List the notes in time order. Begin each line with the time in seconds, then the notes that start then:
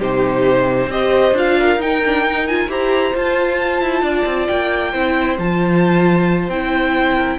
0.00 C3 D#4 G4 C5
0.87 C4 G4 C5 D#5
1.33 D4 F4 F5
1.59 A#4
1.77 D#4 G5
2.06 D4
2.28 D#4
2.47 F4 G#5
2.69 E4 G4 C5 A#5
3.15 F4 A5
3.82 E4
4.02 D4 D5
4.26 C4
4.47 A#3 G5
4.92 C4 E4 C5
5.39 F3 F4 A5
6.49 C4 E4 G5
7.15 A#4